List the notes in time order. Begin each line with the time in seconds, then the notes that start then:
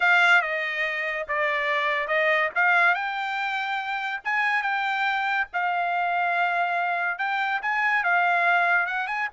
0.00 F5
0.41 D#5
1.28 D5
2.07 D#5
2.55 F5
2.94 G5
4.24 G#5
4.62 G5
5.53 F5
7.18 G5
7.62 G#5
8.03 F5
8.86 F#5
9.07 G#5